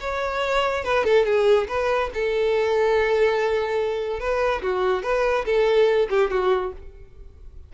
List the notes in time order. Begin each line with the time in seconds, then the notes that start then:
0.00 C#5
0.84 B4
1.04 A4
1.25 G#4
1.68 B4
2.13 A4
4.19 B4
4.62 F#4
5.03 B4
5.45 A4
6.09 G4
6.30 F#4